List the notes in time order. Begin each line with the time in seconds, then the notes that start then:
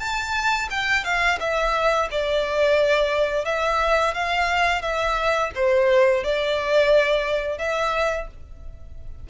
0.00 A5
0.71 G5
1.05 F5
1.40 E5
2.12 D5
3.46 E5
4.15 F5
4.82 E5
5.55 C5
6.24 D5
7.59 E5